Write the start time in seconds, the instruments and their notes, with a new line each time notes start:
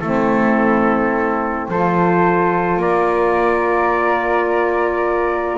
0.00 double bass A3, saxophone C4, flute E4, trumpet A4
1.68 double bass F3, saxophone F4, flute A4, trumpet C5
2.76 double bass A#3, flute A#4, trumpet D5